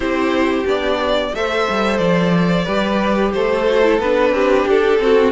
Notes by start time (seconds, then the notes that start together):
0.00 C4 E4 G4 C5
0.65 B3 D4 D5
1.34 A3 A4 C5 E5
1.69 G3
1.97 F3 D5
2.64 G3 G4 B4
3.33 A3 A4 C5
3.67 F#4
3.83 E4
3.98 B3 D4 B4
4.31 C4 G4
4.67 D4 A4
4.99 C4 F#4